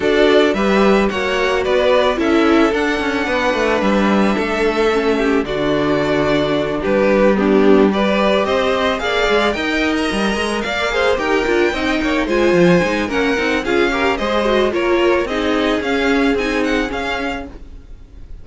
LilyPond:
<<
  \new Staff \with { instrumentName = "violin" } { \time 4/4 \tempo 4 = 110 d''4 e''4 fis''4 d''4 | e''4 fis''2 e''4~ | e''2 d''2~ | d''8 b'4 g'4 d''4 dis''8~ |
dis''8 f''4 g''8. ais''4~ ais''16 f''8~ | f''8 g''2 gis''4. | fis''4 f''4 dis''4 cis''4 | dis''4 f''4 gis''8 fis''8 f''4 | }
  \new Staff \with { instrumentName = "violin" } { \time 4/4 a'4 b'4 cis''4 b'4 | a'2 b'2 | a'4. g'8 fis'2~ | fis'8 g'4 d'4 b'4 c''8~ |
c''8 d''4 dis''2 d''8 | c''8 ais'4 dis''8 cis''8 c''4. | ais'4 gis'8 ais'8 c''4 ais'4 | gis'1 | }
  \new Staff \with { instrumentName = "viola" } { \time 4/4 fis'4 g'4 fis'2 | e'4 d'2.~ | d'4 cis'4 d'2~ | d'4. b4 g'4.~ |
g'8 gis'4 ais'2~ ais'8 | gis'8 g'8 f'8 dis'4 f'4 dis'8 | cis'8 dis'8 f'8 g'8 gis'8 fis'8 f'4 | dis'4 cis'4 dis'4 cis'4 | }
  \new Staff \with { instrumentName = "cello" } { \time 4/4 d'4 g4 ais4 b4 | cis'4 d'8 cis'8 b8 a8 g4 | a2 d2~ | d8 g2. c'8~ |
c'8 ais8 gis8 dis'4 g8 gis8 ais8~ | ais8 dis'8 d'8 c'8 ais8 gis8 f8 gis8 | ais8 c'8 cis'4 gis4 ais4 | c'4 cis'4 c'4 cis'4 | }
>>